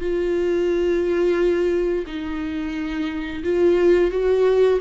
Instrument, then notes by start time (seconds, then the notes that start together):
viola
0.00 F4
2.06 D#4
3.43 F4
4.11 F#4